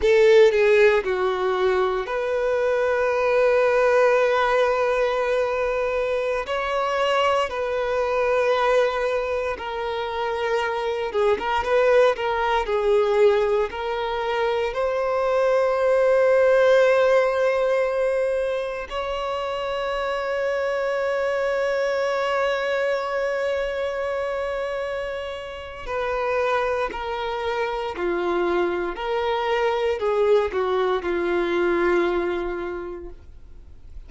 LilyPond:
\new Staff \with { instrumentName = "violin" } { \time 4/4 \tempo 4 = 58 a'8 gis'8 fis'4 b'2~ | b'2~ b'16 cis''4 b'8.~ | b'4~ b'16 ais'4. gis'16 ais'16 b'8 ais'16~ | ais'16 gis'4 ais'4 c''4.~ c''16~ |
c''2~ c''16 cis''4.~ cis''16~ | cis''1~ | cis''4 b'4 ais'4 f'4 | ais'4 gis'8 fis'8 f'2 | }